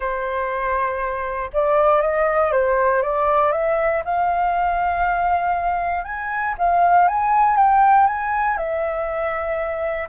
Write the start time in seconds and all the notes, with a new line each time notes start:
0.00 C5
1.53 D5
2.01 D#5
2.52 C5
3.02 D5
3.52 E5
4.05 F5
6.04 G#5
6.58 F5
7.08 G#5
7.56 G5
8.06 G#5
8.57 E5